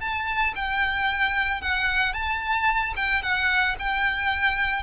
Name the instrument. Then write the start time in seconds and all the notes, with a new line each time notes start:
violin
0.00 A5
0.55 G5
1.61 F#5
2.13 A5
2.96 G5
3.22 F#5
3.79 G5